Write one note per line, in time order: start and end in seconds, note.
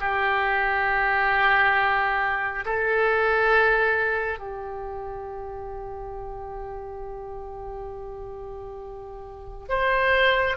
0.00 2.65 G4
2.65 4.39 A4
4.39 9.69 G4
9.69 10.57 C5